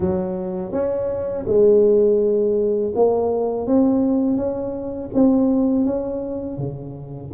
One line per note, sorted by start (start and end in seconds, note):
0.00 0.72 F#3
0.72 1.45 C#4
1.46 2.93 G#3
2.95 3.66 A#3
3.66 4.36 C4
4.36 5.10 C#4
5.14 5.85 C4
5.85 6.57 C#4
6.57 7.30 C#3